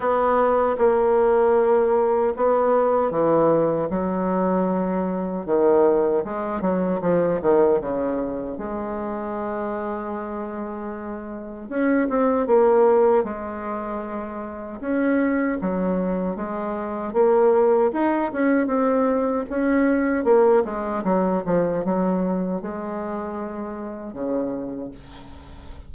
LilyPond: \new Staff \with { instrumentName = "bassoon" } { \time 4/4 \tempo 4 = 77 b4 ais2 b4 | e4 fis2 dis4 | gis8 fis8 f8 dis8 cis4 gis4~ | gis2. cis'8 c'8 |
ais4 gis2 cis'4 | fis4 gis4 ais4 dis'8 cis'8 | c'4 cis'4 ais8 gis8 fis8 f8 | fis4 gis2 cis4 | }